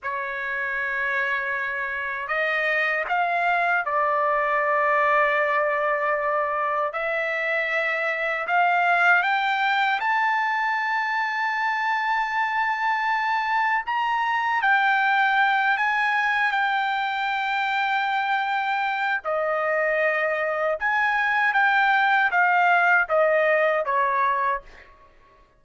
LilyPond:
\new Staff \with { instrumentName = "trumpet" } { \time 4/4 \tempo 4 = 78 cis''2. dis''4 | f''4 d''2.~ | d''4 e''2 f''4 | g''4 a''2.~ |
a''2 ais''4 g''4~ | g''8 gis''4 g''2~ g''8~ | g''4 dis''2 gis''4 | g''4 f''4 dis''4 cis''4 | }